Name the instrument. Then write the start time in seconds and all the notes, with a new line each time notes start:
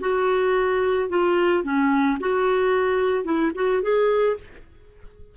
clarinet
0.00 F#4
1.09 F4
1.63 C#4
2.20 F#4
3.24 E4
3.55 F#4
3.82 G#4